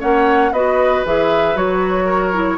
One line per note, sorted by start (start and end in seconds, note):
0.00 0.52 A#3
0.00 0.52 C#4
0.00 0.52 C#5
0.00 0.53 F#5
0.52 1.03 B3
0.52 1.06 F#4
0.52 2.05 B4
0.52 1.05 D#5
1.05 1.55 E3
1.05 1.56 G#4
1.05 1.57 E5
1.55 2.58 F#3
1.55 2.33 F#4
1.55 2.58 C#5
2.05 2.57 A#4
2.33 2.58 E4